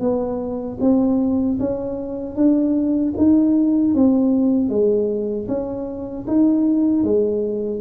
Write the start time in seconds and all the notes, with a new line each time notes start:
0.00 B3
0.80 C4
1.59 C#4
2.36 D4
3.17 D#4
3.95 C4
4.69 G#3
5.48 C#4
6.27 D#4
7.03 G#3